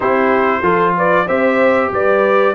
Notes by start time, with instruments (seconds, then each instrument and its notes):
0.00 tuba C4, trombone E4, horn G4, trumpet C5
0.61 tuba F3, trombone F4, horn A4
0.97 horn B4, trumpet D5
1.26 tuba C4, trombone G4, horn C5, trumpet E5
1.91 tuba G3, horn B4, trumpet D5